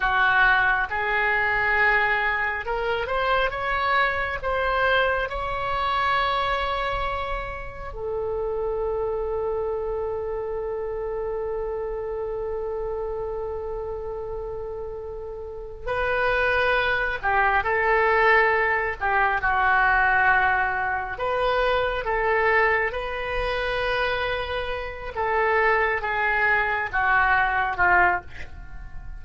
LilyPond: \new Staff \with { instrumentName = "oboe" } { \time 4/4 \tempo 4 = 68 fis'4 gis'2 ais'8 c''8 | cis''4 c''4 cis''2~ | cis''4 a'2.~ | a'1~ |
a'2 b'4. g'8 | a'4. g'8 fis'2 | b'4 a'4 b'2~ | b'8 a'4 gis'4 fis'4 f'8 | }